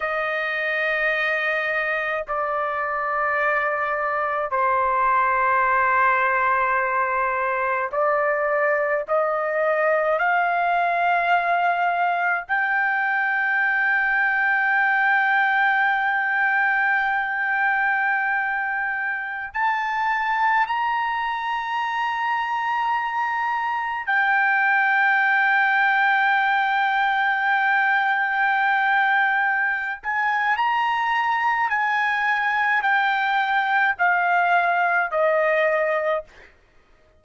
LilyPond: \new Staff \with { instrumentName = "trumpet" } { \time 4/4 \tempo 4 = 53 dis''2 d''2 | c''2. d''4 | dis''4 f''2 g''4~ | g''1~ |
g''4~ g''16 a''4 ais''4.~ ais''16~ | ais''4~ ais''16 g''2~ g''8.~ | g''2~ g''8 gis''8 ais''4 | gis''4 g''4 f''4 dis''4 | }